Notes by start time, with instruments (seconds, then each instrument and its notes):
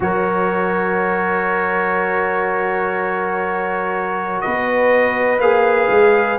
0.00 tuba F#3, trombone F#4, horn A#4, trumpet C#5
4.41 tuba B3, horn B4, trumpet D#5
5.38 tuba A#3, trombone G#4, trumpet F5
5.90 tuba G#3